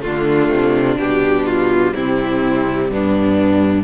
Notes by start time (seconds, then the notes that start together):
0.00 D3 A3 D4 F4
0.48 C3
0.98 B2 G3 G4
1.46 F4
1.94 C3 C4 E4
2.90 G2 B3 D4